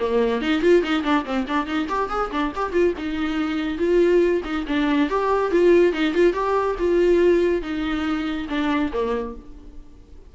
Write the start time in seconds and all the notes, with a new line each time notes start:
0.00 A#3
0.42 D#4
0.62 F4
0.83 D#4
1.03 D4
1.25 C4
1.48 D4
1.67 D#4
1.89 G4
2.10 G#4
2.31 D4
2.56 G4
2.73 F4
2.98 D#4
3.78 F4
4.45 D#4
4.68 D4
5.10 G4
5.52 F4
5.93 D#4
6.14 F4
6.33 G4
6.79 F4
7.62 D#4
8.49 D4
8.93 A#3